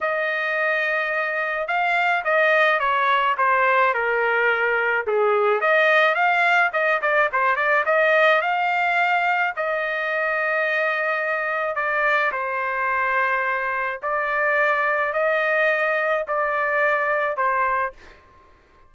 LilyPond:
\new Staff \with { instrumentName = "trumpet" } { \time 4/4 \tempo 4 = 107 dis''2. f''4 | dis''4 cis''4 c''4 ais'4~ | ais'4 gis'4 dis''4 f''4 | dis''8 d''8 c''8 d''8 dis''4 f''4~ |
f''4 dis''2.~ | dis''4 d''4 c''2~ | c''4 d''2 dis''4~ | dis''4 d''2 c''4 | }